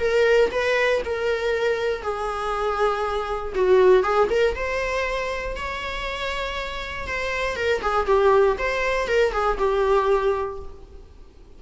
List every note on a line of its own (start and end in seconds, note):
0.00 0.50 A#4
0.51 1.02 B4
1.05 2.02 A#4
2.02 3.53 G#4
3.55 4.03 F#4
4.03 4.28 G#4
4.30 4.55 A#4
4.55 5.56 C5
5.56 7.07 C#5
7.07 7.56 C5
7.56 7.81 A#4
7.82 8.06 G#4
8.06 8.57 G4
8.59 9.08 C5
9.08 9.33 A#4
9.33 9.58 G#4
9.58 10.59 G4